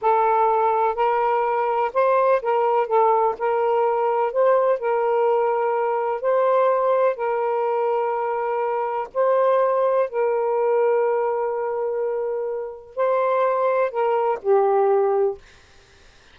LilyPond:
\new Staff \with { instrumentName = "saxophone" } { \time 4/4 \tempo 4 = 125 a'2 ais'2 | c''4 ais'4 a'4 ais'4~ | ais'4 c''4 ais'2~ | ais'4 c''2 ais'4~ |
ais'2. c''4~ | c''4 ais'2.~ | ais'2. c''4~ | c''4 ais'4 g'2 | }